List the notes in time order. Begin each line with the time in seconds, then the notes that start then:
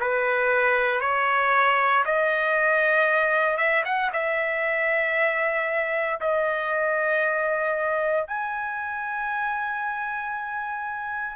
0.00 B4
1.00 C#5
2.05 D#5
3.57 E5
3.85 F#5
4.12 E5
6.20 D#5
8.27 G#5